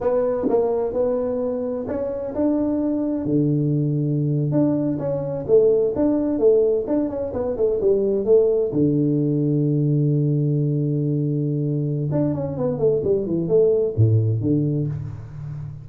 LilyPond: \new Staff \with { instrumentName = "tuba" } { \time 4/4 \tempo 4 = 129 b4 ais4 b2 | cis'4 d'2 d4~ | d4.~ d16 d'4 cis'4 a16~ | a8. d'4 a4 d'8 cis'8 b16~ |
b16 a8 g4 a4 d4~ d16~ | d1~ | d2 d'8 cis'8 b8 a8 | g8 e8 a4 a,4 d4 | }